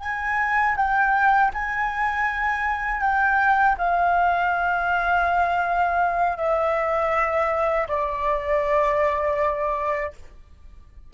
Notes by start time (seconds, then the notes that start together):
0.00 G#5
0.76 G5
1.53 G#5
3.01 G5
3.78 F5
6.37 E5
7.88 D5